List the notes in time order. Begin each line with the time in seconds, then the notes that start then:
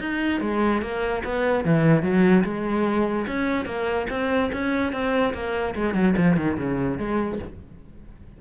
0.00 D#4
0.41 G#3
0.82 A#3
1.24 B3
1.65 E3
2.02 F#3
2.44 G#3
3.27 C#4
3.66 A#3
4.10 C4
4.53 C#4
4.93 C4
5.34 A#3
5.75 G#3
5.94 F#3
6.17 F3
6.37 D#3
6.58 C#3
6.98 G#3